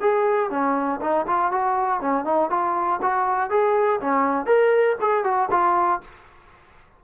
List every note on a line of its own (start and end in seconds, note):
0.00 0.50 G#4
0.50 1.00 C#4
1.00 1.25 D#4
1.27 1.51 F4
1.51 2.00 F#4
2.00 2.25 C#4
2.25 2.50 D#4
2.50 3.00 F4
3.02 3.50 F#4
3.50 4.00 G#4
4.00 4.45 C#4
4.45 4.95 A#4
5.00 5.24 G#4
5.24 5.49 F#4
5.50 6.00 F4